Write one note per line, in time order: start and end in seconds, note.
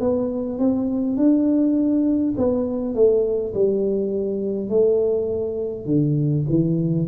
0.00 0.59 B3
0.59 1.17 C4
1.17 2.34 D4
2.37 2.95 B3
2.95 3.53 A3
3.53 4.69 G3
4.69 5.86 A3
5.86 6.44 D3
6.49 7.07 E3